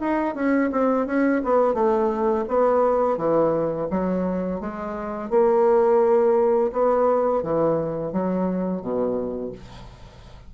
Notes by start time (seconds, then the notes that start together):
0.00 D#4
0.35 C#4
0.71 C4
1.06 C#4
1.44 B3
1.74 A3
2.48 B3
3.17 E3
3.90 F#3
4.60 G#3
5.29 A#3
6.72 B3
7.43 E3
8.12 F#3
8.81 B2